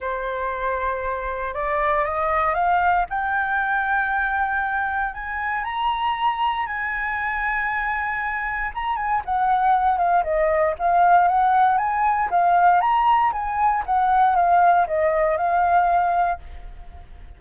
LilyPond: \new Staff \with { instrumentName = "flute" } { \time 4/4 \tempo 4 = 117 c''2. d''4 | dis''4 f''4 g''2~ | g''2 gis''4 ais''4~ | ais''4 gis''2.~ |
gis''4 ais''8 gis''8 fis''4. f''8 | dis''4 f''4 fis''4 gis''4 | f''4 ais''4 gis''4 fis''4 | f''4 dis''4 f''2 | }